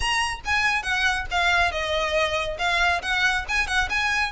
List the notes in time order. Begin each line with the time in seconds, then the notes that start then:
0.00 A#5
0.45 G#5
0.82 F#5
1.30 F5
1.71 D#5
2.58 F5
3.01 F#5
3.48 G#5
3.67 F#5
3.89 G#5